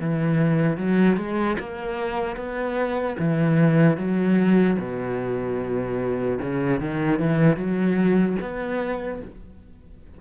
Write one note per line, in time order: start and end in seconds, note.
0.00 0.77 E3
0.77 1.17 F#3
1.17 1.57 G#3
1.59 2.36 A#3
2.36 3.16 B3
3.19 3.97 E3
3.97 4.77 F#3
4.79 6.39 B2
6.41 6.80 C#3
6.80 7.19 D#3
7.19 7.56 E3
7.56 8.36 F#3
8.41 9.21 B3